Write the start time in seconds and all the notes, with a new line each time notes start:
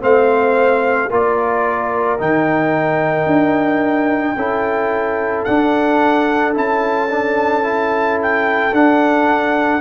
0.00 A3 C4 C5 F5
1.10 A#3 F4 A#4 D5
2.18 D#3 D#4 G5
3.26 D4
4.36 C#4 E4 A4
5.44 D4 F#5
6.53 C#4 E4 A5
7.09 D4
7.62 E4
8.22 G5
8.72 D4 F#5